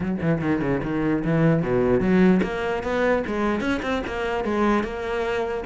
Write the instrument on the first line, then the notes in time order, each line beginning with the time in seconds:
cello
0.00 F#3
0.21 E3
0.41 D#3
0.61 C#3
0.83 D#3
1.24 E3
1.62 B2
2.00 F#3
2.43 A#3
2.83 B3
3.26 G#3
3.60 C#4
3.82 C4
4.06 A#3
4.44 G#3
4.83 A#3